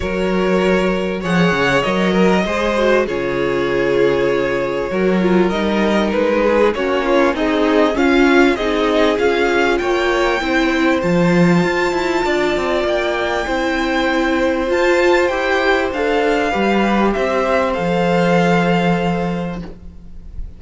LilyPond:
<<
  \new Staff \with { instrumentName = "violin" } { \time 4/4 \tempo 4 = 98 cis''2 fis''4 dis''4~ | dis''4 cis''2.~ | cis''4 dis''4 b'4 cis''4 | dis''4 f''4 dis''4 f''4 |
g''2 a''2~ | a''4 g''2. | a''4 g''4 f''2 | e''4 f''2. | }
  \new Staff \with { instrumentName = "violin" } { \time 4/4 ais'2 cis''4. ais'8 | c''4 gis'2. | ais'2~ ais'8 gis'8 fis'8 f'8 | dis'4 cis'4 gis'2 |
cis''4 c''2. | d''2 c''2~ | c''2. b'4 | c''1 | }
  \new Staff \with { instrumentName = "viola" } { \time 4/4 fis'2 gis'4 ais'4 | gis'8 fis'8 f'2. | fis'8 f'8 dis'2 cis'4 | gis'4 f'4 dis'4 f'4~ |
f'4 e'4 f'2~ | f'2 e'2 | f'4 g'4 a'4 g'4~ | g'4 a'2. | }
  \new Staff \with { instrumentName = "cello" } { \time 4/4 fis2 f8 cis8 fis4 | gis4 cis2. | fis4 g4 gis4 ais4 | c'4 cis'4 c'4 cis'4 |
ais4 c'4 f4 f'8 e'8 | d'8 c'8 ais4 c'2 | f'4 e'4 d'4 g4 | c'4 f2. | }
>>